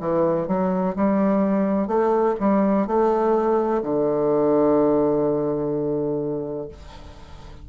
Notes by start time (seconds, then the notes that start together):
0.00 E3
0.48 F#3
0.96 G3
1.87 A3
2.40 G3
2.87 A3
3.83 D3